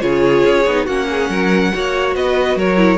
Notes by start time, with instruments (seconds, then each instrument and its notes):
0.00 cello C#3, viola F4, violin G#4 C#5
0.46 cello C#4
0.66 cello B3, viola D#4
0.85 cello A#3, viola C#4, violin F#4 F#5
1.10 violin G#4
1.29 cello F#3, violin A#4
1.73 cello A#3, viola F#4, violin C#5
2.16 cello B3, violin B4 D#5
2.55 cello F#3, violin A#4 C#5
2.77 viola E4